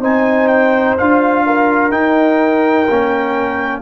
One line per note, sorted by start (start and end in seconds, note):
0.00 0.95 C4
0.00 0.97 D#4
0.00 1.43 C5
0.00 0.47 G#5
0.47 0.95 G5
0.97 1.91 D4
0.97 1.91 F4
0.97 1.91 F5
1.45 3.81 A#4
1.91 2.86 D#4
1.91 2.87 D#4
1.91 3.81 G5
2.89 3.81 A#3
2.89 3.81 C#4